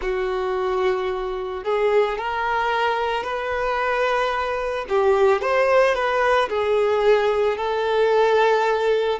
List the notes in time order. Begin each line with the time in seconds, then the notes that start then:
0.01 F#4
1.63 G#4
2.17 A#4
3.23 B4
4.88 G4
5.41 C5
5.95 B4
6.49 G#4
7.57 A4